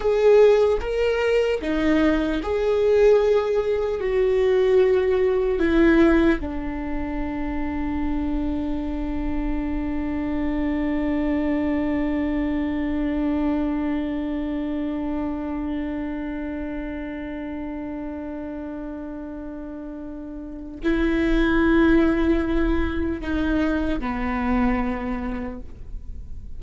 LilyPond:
\new Staff \with { instrumentName = "viola" } { \time 4/4 \tempo 4 = 75 gis'4 ais'4 dis'4 gis'4~ | gis'4 fis'2 e'4 | d'1~ | d'1~ |
d'1~ | d'1~ | d'2 e'2~ | e'4 dis'4 b2 | }